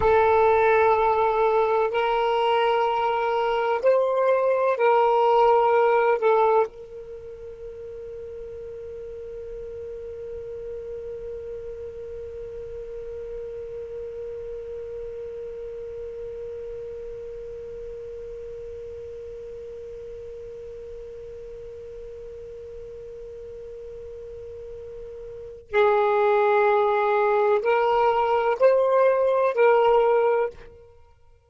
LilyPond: \new Staff \with { instrumentName = "saxophone" } { \time 4/4 \tempo 4 = 63 a'2 ais'2 | c''4 ais'4. a'8 ais'4~ | ais'1~ | ais'1~ |
ais'1~ | ais'1~ | ais'2. gis'4~ | gis'4 ais'4 c''4 ais'4 | }